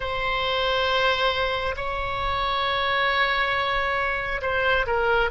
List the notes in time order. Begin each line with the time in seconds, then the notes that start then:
0.00 C5
1.76 C#5
4.41 C5
4.86 A#4